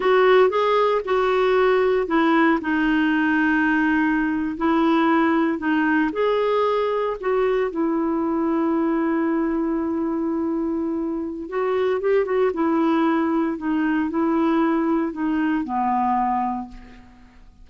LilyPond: \new Staff \with { instrumentName = "clarinet" } { \time 4/4 \tempo 4 = 115 fis'4 gis'4 fis'2 | e'4 dis'2.~ | dis'8. e'2 dis'4 gis'16~ | gis'4.~ gis'16 fis'4 e'4~ e'16~ |
e'1~ | e'2 fis'4 g'8 fis'8 | e'2 dis'4 e'4~ | e'4 dis'4 b2 | }